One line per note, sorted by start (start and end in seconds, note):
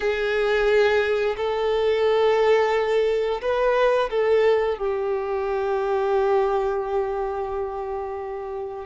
0.00 1.35 G#4
1.36 3.41 A4
3.41 4.09 B4
4.10 4.77 A4
4.77 8.86 G4